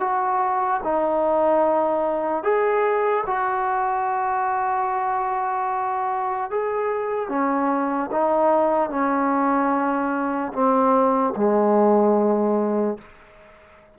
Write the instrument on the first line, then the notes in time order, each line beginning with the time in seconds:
trombone
0.00 F#4
0.84 D#4
2.44 G#4
3.27 F#4
6.51 G#4
7.29 C#4
8.12 D#4
8.90 C#4
10.53 C4
11.36 G#3